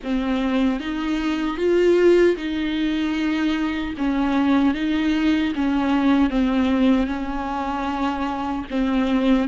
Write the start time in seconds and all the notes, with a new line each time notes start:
0.03 C4
0.80 D#4
1.57 F4
2.36 D#4
3.97 C#4
4.74 D#4
5.55 C#4
6.29 C4
7.07 C#4
8.70 C4